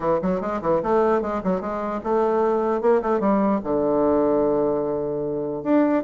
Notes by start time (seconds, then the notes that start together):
0.00 E3
0.22 F#3
0.40 G#3
0.61 E3
0.82 A3
1.21 G#3
1.43 F#3
1.60 G#3
2.03 A3
2.81 A#3
3.02 A3
3.19 G3
3.63 D3
5.63 D4